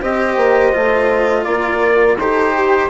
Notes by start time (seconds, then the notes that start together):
0.00 C4 G4 C5 D#5
0.37 A#3
0.73 A3 F4
1.44 A#3 A#4 D5
2.18 D#4 G4 A4 C5
2.55 G4